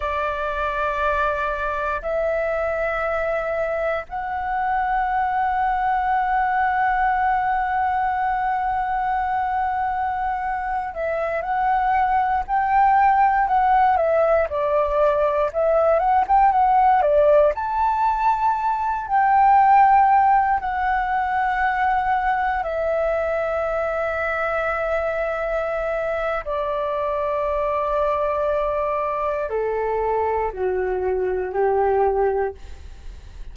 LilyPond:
\new Staff \with { instrumentName = "flute" } { \time 4/4 \tempo 4 = 59 d''2 e''2 | fis''1~ | fis''2~ fis''8. e''8 fis''8.~ | fis''16 g''4 fis''8 e''8 d''4 e''8 fis''16 |
g''16 fis''8 d''8 a''4. g''4~ g''16~ | g''16 fis''2 e''4.~ e''16~ | e''2 d''2~ | d''4 a'4 fis'4 g'4 | }